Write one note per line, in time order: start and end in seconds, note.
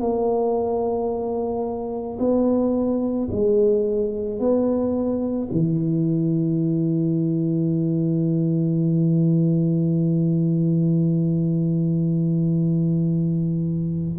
0.00 2.18 A#3
2.19 3.28 B3
3.31 4.39 G#3
4.39 5.48 B3
5.51 14.19 E3